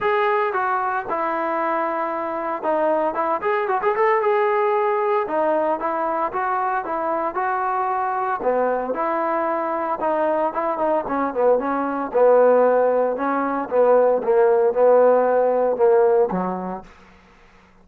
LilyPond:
\new Staff \with { instrumentName = "trombone" } { \time 4/4 \tempo 4 = 114 gis'4 fis'4 e'2~ | e'4 dis'4 e'8 gis'8 fis'16 gis'16 a'8 | gis'2 dis'4 e'4 | fis'4 e'4 fis'2 |
b4 e'2 dis'4 | e'8 dis'8 cis'8 b8 cis'4 b4~ | b4 cis'4 b4 ais4 | b2 ais4 fis4 | }